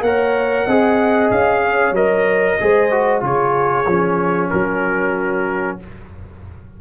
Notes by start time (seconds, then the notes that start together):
0.00 A#3 A#4 C#5 F#5
0.65 C4 G#4 D#5
1.31 C#4 F5
1.61 C#5
1.91 F#3 A#4 D#5
2.60 G#3 G#4 C5
2.91 F#4
3.20 C#3 F4 G#4 C#5
3.86 F3 C#4
4.50 F#3 F#4 A#4